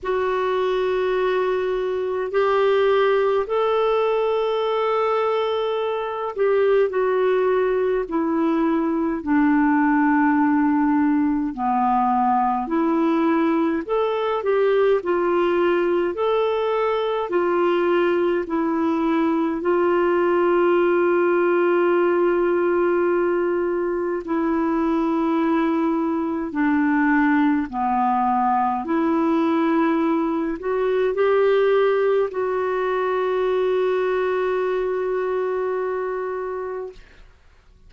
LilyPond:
\new Staff \with { instrumentName = "clarinet" } { \time 4/4 \tempo 4 = 52 fis'2 g'4 a'4~ | a'4. g'8 fis'4 e'4 | d'2 b4 e'4 | a'8 g'8 f'4 a'4 f'4 |
e'4 f'2.~ | f'4 e'2 d'4 | b4 e'4. fis'8 g'4 | fis'1 | }